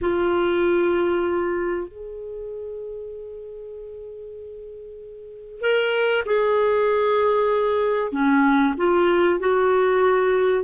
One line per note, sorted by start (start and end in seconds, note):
0.01 1.88 F4
1.88 5.61 G#4
5.61 6.23 A#4
6.25 8.11 G#4
8.11 8.74 C#4
8.77 9.39 F4
9.39 10.64 F#4